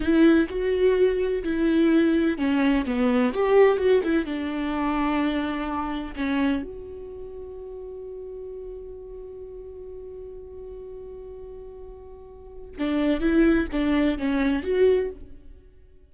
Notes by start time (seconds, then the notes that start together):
0.00 E4
0.49 F#4
1.44 E4
2.38 C#4
2.85 B3
3.33 G4
3.77 F#4
4.03 E4
4.25 D4
6.15 C#4
6.63 F#4
12.78 D4
13.20 E4
13.72 D4
14.18 C#4
14.62 F#4